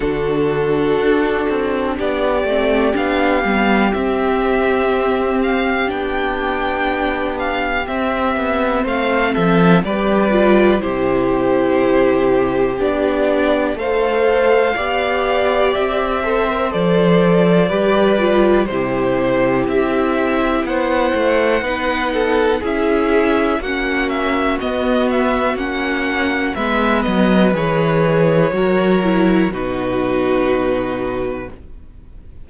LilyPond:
<<
  \new Staff \with { instrumentName = "violin" } { \time 4/4 \tempo 4 = 61 a'2 d''4 f''4 | e''4. f''8 g''4. f''8 | e''4 f''8 e''8 d''4 c''4~ | c''4 d''4 f''2 |
e''4 d''2 c''4 | e''4 fis''2 e''4 | fis''8 e''8 dis''8 e''8 fis''4 e''8 dis''8 | cis''2 b'2 | }
  \new Staff \with { instrumentName = "violin" } { \time 4/4 fis'2 g'2~ | g'1~ | g'4 c''8 a'8 b'4 g'4~ | g'2 c''4 d''4~ |
d''8 c''4. b'4 g'4~ | g'4 c''4 b'8 a'8 gis'4 | fis'2. b'4~ | b'4 ais'4 fis'2 | }
  \new Staff \with { instrumentName = "viola" } { \time 4/4 d'2~ d'8 c'8 d'8 b8 | c'2 d'2 | c'2 g'8 f'8 e'4~ | e'4 d'4 a'4 g'4~ |
g'8 a'16 ais'16 a'4 g'8 f'8 e'4~ | e'2 dis'4 e'4 | cis'4 b4 cis'4 b4 | gis'4 fis'8 e'8 dis'2 | }
  \new Staff \with { instrumentName = "cello" } { \time 4/4 d4 d'8 c'8 b8 a8 b8 g8 | c'2 b2 | c'8 b8 a8 f8 g4 c4~ | c4 b4 a4 b4 |
c'4 f4 g4 c4 | c'4 b8 a8 b4 cis'4 | ais4 b4 ais4 gis8 fis8 | e4 fis4 b,2 | }
>>